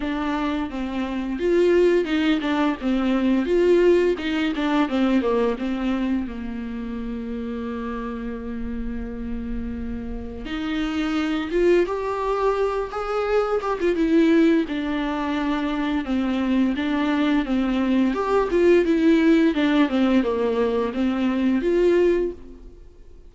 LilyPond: \new Staff \with { instrumentName = "viola" } { \time 4/4 \tempo 4 = 86 d'4 c'4 f'4 dis'8 d'8 | c'4 f'4 dis'8 d'8 c'8 ais8 | c'4 ais2.~ | ais2. dis'4~ |
dis'8 f'8 g'4. gis'4 g'16 f'16 | e'4 d'2 c'4 | d'4 c'4 g'8 f'8 e'4 | d'8 c'8 ais4 c'4 f'4 | }